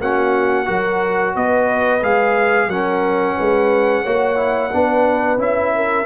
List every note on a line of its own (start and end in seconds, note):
0.00 0.68 A#3
0.00 0.66 C#4
0.00 0.66 F#4
0.00 1.36 F#5
0.66 1.36 F#3
0.66 2.00 F#4
0.66 1.33 A#4
1.35 2.02 B3
1.35 2.68 B4
1.35 2.03 D#5
2.02 2.68 G#3
2.02 2.69 G#4
2.02 2.70 F5
2.68 3.35 F#3
2.68 4.06 C#4
2.68 3.35 A#4
2.68 5.40 F#5
3.35 4.05 G#3
3.35 4.03 B4
4.03 4.72 A#3
4.03 4.36 F#4
4.03 4.70 C#5
4.36 4.70 E4
4.73 5.38 B3
4.73 5.38 D4
4.73 5.76 B4
5.38 6.05 C#4
5.38 6.05 E4
5.38 6.06 E5
5.76 6.06 A#4